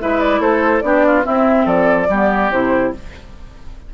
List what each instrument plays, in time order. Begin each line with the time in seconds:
0.00 bassoon G#3, clarinet E4, oboe B4, flute E5
0.20 flute D5
0.39 bassoon A3, oboe A4, flute C5
0.80 bassoon B3, clarinet D4, oboe G4, flute D5
1.06 oboe F4
1.23 clarinet C4, bassoon C4, oboe E4, flute E5
1.65 bassoon F3, oboe A4, flute D5
2.08 bassoon G3, clarinet B3, oboe G4
2.51 bassoon C3, clarinet E4, flute C5